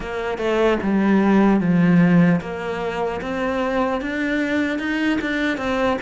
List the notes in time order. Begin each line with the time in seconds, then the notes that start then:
0.00 A#3
0.37 A3
0.83 G3
1.60 F3
2.40 A#3
3.21 C4
4.01 D4
4.79 D#4
5.21 D4
5.57 C4